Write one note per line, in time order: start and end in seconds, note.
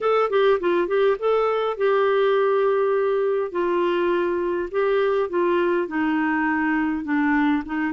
0.00 0.30 A4
0.30 0.59 G4
0.60 0.87 F4
0.87 1.16 G4
1.19 1.77 A4
1.77 3.51 G4
3.51 4.69 F4
4.71 5.29 G4
5.29 5.87 F4
5.87 7.04 D#4
7.04 7.63 D4
7.65 7.92 D#4